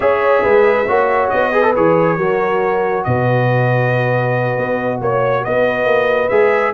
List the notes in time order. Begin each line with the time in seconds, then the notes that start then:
0.00 C#4 G#4 C#5 E5
0.42 G#3 B4
0.86 A#3 F#4 C#5
1.29 B3 D#5
1.52 G#4 B4
1.62 A4
1.75 E3 G#4 C#5
2.17 F#3 F#4 A#4
3.04 B2 B4 D#5
4.57 B3
5.00 A#3 C#5
5.43 B3 B4 D#5
5.85 A#3
6.29 G#3 G#4 E5